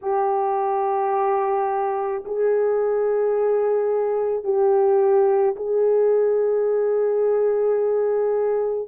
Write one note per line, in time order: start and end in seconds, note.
0.02 2.24 G4
2.25 4.44 G#4
4.44 5.55 G4
5.56 8.88 G#4